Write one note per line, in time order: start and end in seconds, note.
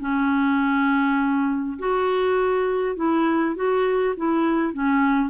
0.00 1.78 C#4
1.78 2.96 F#4
2.96 3.55 E4
3.55 4.15 F#4
4.17 4.73 E4
4.73 5.30 C#4